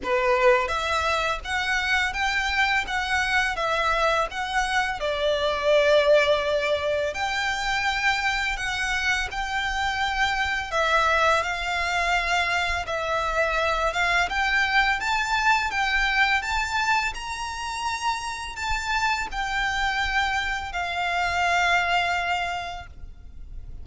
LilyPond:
\new Staff \with { instrumentName = "violin" } { \time 4/4 \tempo 4 = 84 b'4 e''4 fis''4 g''4 | fis''4 e''4 fis''4 d''4~ | d''2 g''2 | fis''4 g''2 e''4 |
f''2 e''4. f''8 | g''4 a''4 g''4 a''4 | ais''2 a''4 g''4~ | g''4 f''2. | }